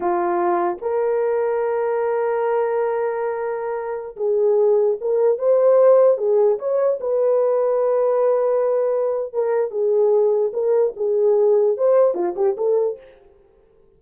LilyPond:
\new Staff \with { instrumentName = "horn" } { \time 4/4 \tempo 4 = 148 f'2 ais'2~ | ais'1~ | ais'2~ ais'16 gis'4.~ gis'16~ | gis'16 ais'4 c''2 gis'8.~ |
gis'16 cis''4 b'2~ b'8.~ | b'2. ais'4 | gis'2 ais'4 gis'4~ | gis'4 c''4 f'8 g'8 a'4 | }